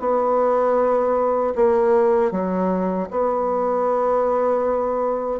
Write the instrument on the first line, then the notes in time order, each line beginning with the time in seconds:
bassoon
0.00 B3
1.55 A#3
2.31 F#3
3.10 B3